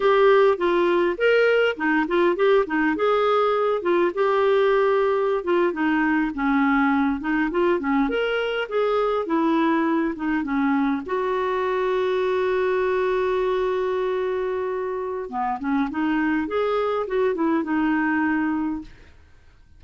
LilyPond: \new Staff \with { instrumentName = "clarinet" } { \time 4/4 \tempo 4 = 102 g'4 f'4 ais'4 dis'8 f'8 | g'8 dis'8 gis'4. f'8 g'4~ | g'4~ g'16 f'8 dis'4 cis'4~ cis'16~ | cis'16 dis'8 f'8 cis'8 ais'4 gis'4 e'16~ |
e'4~ e'16 dis'8 cis'4 fis'4~ fis'16~ | fis'1~ | fis'2 b8 cis'8 dis'4 | gis'4 fis'8 e'8 dis'2 | }